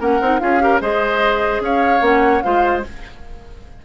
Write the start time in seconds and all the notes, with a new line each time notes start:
0.00 A#3 C#4 A#4 F#5
0.21 C4 D#4
0.40 C#4 F4 G#4 F5
0.60 G4 A#4
0.81 G#3 G#4 C5 D#5
1.60 C#4 C#5 F5
2.01 A#3 C#4 F#5
2.43 G#3 F4 C5 F5